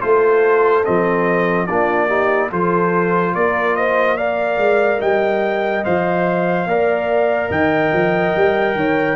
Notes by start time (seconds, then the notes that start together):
0.00 A3 F4 A4 C5
0.84 F3 C4 D#5
1.66 A#3 D4 F4 D5
2.07 D#4 G4
2.51 F3 F4 A4 C5
3.35 A#3 A#4 D5
3.76 C5 D#5
4.17 A#4 D5 F5
4.58 G#3
5.00 G3 D#5 G5
5.84 F3 C5 F5
6.66 A#3 A#4 D5
7.50 D#3 D#5 G5
7.92 F3
8.36 G3
8.75 D#3 C#5